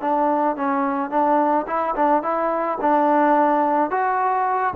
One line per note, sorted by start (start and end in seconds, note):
0.00 0.56 D4
0.56 1.10 C#4
1.10 1.65 D4
1.66 1.94 E4
1.95 2.22 D4
2.22 2.78 E4
2.81 3.90 D4
3.90 4.73 F#4